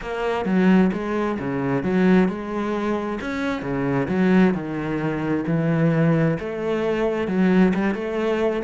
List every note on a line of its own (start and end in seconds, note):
0.01 0.45 A#3
0.45 0.90 F#3
0.92 1.38 G#3
1.39 1.83 C#3
1.83 2.28 F#3
2.28 3.19 G#3
3.20 3.62 C#4
3.62 4.07 C#3
4.08 4.53 F#3
4.53 5.44 D#3
5.46 6.37 E3
6.39 7.27 A3
7.27 7.73 F#3
7.74 7.94 G3
7.94 8.62 A3